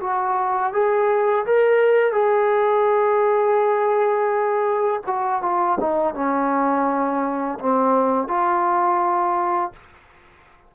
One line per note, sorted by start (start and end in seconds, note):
0.00 0.72 F#4
0.73 1.45 G#4
1.45 2.12 A#4
2.12 5.01 G#4
5.06 5.42 F#4
5.42 5.78 F4
5.80 6.14 D#4
6.14 7.58 C#4
7.59 8.27 C4
8.27 9.72 F4